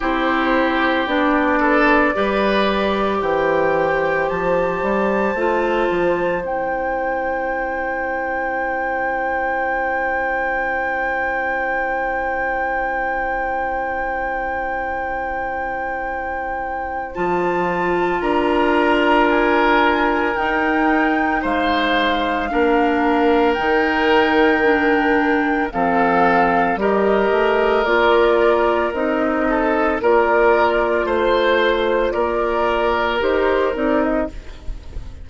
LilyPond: <<
  \new Staff \with { instrumentName = "flute" } { \time 4/4 \tempo 4 = 56 c''4 d''2 g''4 | a''2 g''2~ | g''1~ | g''1 |
a''4 ais''4 gis''4 g''4 | f''2 g''2 | f''4 dis''4 d''4 dis''4 | d''4 c''4 d''4 c''8 d''16 dis''16 | }
  \new Staff \with { instrumentName = "oboe" } { \time 4/4 g'4. a'8 b'4 c''4~ | c''1~ | c''1~ | c''1~ |
c''4 ais'2. | c''4 ais'2. | a'4 ais'2~ ais'8 a'8 | ais'4 c''4 ais'2 | }
  \new Staff \with { instrumentName = "clarinet" } { \time 4/4 e'4 d'4 g'2~ | g'4 f'4 e'2~ | e'1~ | e'1 |
f'2. dis'4~ | dis'4 d'4 dis'4 d'4 | c'4 g'4 f'4 dis'4 | f'2. g'8 dis'8 | }
  \new Staff \with { instrumentName = "bassoon" } { \time 4/4 c'4 b4 g4 e4 | f8 g8 a8 f8 c'2~ | c'1~ | c'1 |
f4 d'2 dis'4 | gis4 ais4 dis2 | f4 g8 a8 ais4 c'4 | ais4 a4 ais4 dis'8 c'8 | }
>>